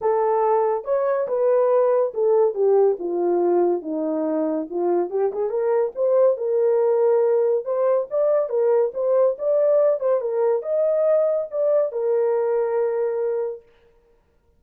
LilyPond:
\new Staff \with { instrumentName = "horn" } { \time 4/4 \tempo 4 = 141 a'2 cis''4 b'4~ | b'4 a'4 g'4 f'4~ | f'4 dis'2 f'4 | g'8 gis'8 ais'4 c''4 ais'4~ |
ais'2 c''4 d''4 | ais'4 c''4 d''4. c''8 | ais'4 dis''2 d''4 | ais'1 | }